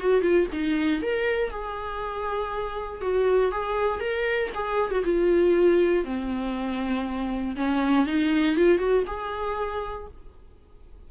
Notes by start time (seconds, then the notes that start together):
0.00 F#4
0.22 F4
0.52 D#4
1.02 A#4
1.50 G#4
3.01 F#4
3.51 G#4
4.00 A#4
4.54 G#4
4.91 F#4
5.04 F4
6.04 C4
7.56 C#4
8.06 D#4
8.56 F4
8.78 F#4
9.07 G#4